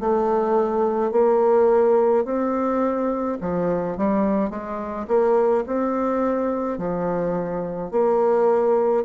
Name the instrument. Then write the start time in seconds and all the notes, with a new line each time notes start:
bassoon
0.00 A3
1.12 A#3
2.25 C4
3.41 F3
3.98 G3
4.50 G#3
5.08 A#3
5.67 C4
6.78 F3
7.91 A#3